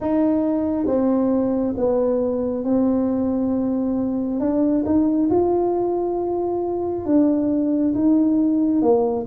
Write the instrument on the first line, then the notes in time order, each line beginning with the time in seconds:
tuba
0.00 D#4
0.86 C4
1.76 B3
2.64 C4
4.40 D4
4.85 D#4
5.29 F4
7.05 D4
7.94 D#4
8.82 A#3